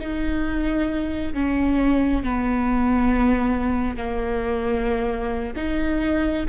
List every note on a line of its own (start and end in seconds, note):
0.00 1.34 D#4
1.34 2.23 C#4
2.23 3.97 B3
3.97 5.54 A#3
5.56 6.45 D#4